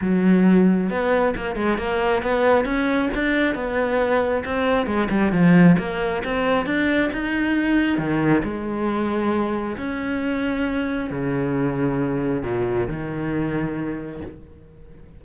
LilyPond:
\new Staff \with { instrumentName = "cello" } { \time 4/4 \tempo 4 = 135 fis2 b4 ais8 gis8 | ais4 b4 cis'4 d'4 | b2 c'4 gis8 g8 | f4 ais4 c'4 d'4 |
dis'2 dis4 gis4~ | gis2 cis'2~ | cis'4 cis2. | ais,4 dis2. | }